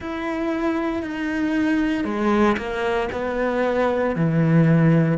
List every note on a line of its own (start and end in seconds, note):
0.00 1.03 E4
1.03 2.04 D#4
2.04 2.56 G#3
2.57 3.08 A#3
3.12 4.15 B3
4.15 5.17 E3